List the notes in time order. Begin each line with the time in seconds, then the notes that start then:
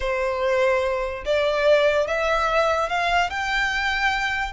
0.00 C5
1.25 D5
2.07 E5
2.89 F5
3.30 G5